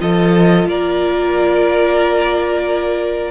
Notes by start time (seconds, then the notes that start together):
0.00 F3 F4 A4 D#5
0.66 A#3 A#4 D5